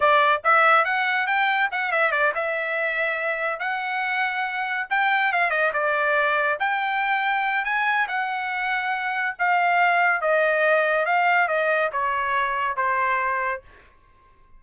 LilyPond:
\new Staff \with { instrumentName = "trumpet" } { \time 4/4 \tempo 4 = 141 d''4 e''4 fis''4 g''4 | fis''8 e''8 d''8 e''2~ e''8~ | e''8 fis''2. g''8~ | g''8 f''8 dis''8 d''2 g''8~ |
g''2 gis''4 fis''4~ | fis''2 f''2 | dis''2 f''4 dis''4 | cis''2 c''2 | }